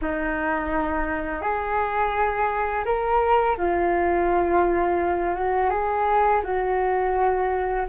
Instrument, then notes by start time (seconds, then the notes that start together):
flute
0.01 D#4
1.41 G#4
2.85 A#4
3.57 F4
5.35 F#4
5.70 G#4
6.43 F#4